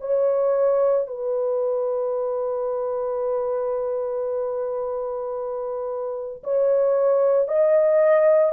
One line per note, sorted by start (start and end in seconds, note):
0.00 1.07 C#5
1.07 6.42 B4
6.43 7.48 C#5
7.48 8.52 D#5